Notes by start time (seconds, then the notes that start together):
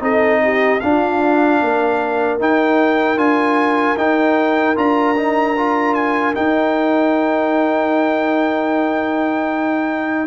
0.00 C4 D#4 A4 D#5
0.43 G4
0.80 D4 F4 F5
1.62 A#3 A#4
2.40 D#4 G5
3.17 D4 F4 G#5
3.97 D#4 G5
4.76 D4 F4 A#5
5.16 D#4
5.57 F4
5.94 G#5
6.34 D#4 G5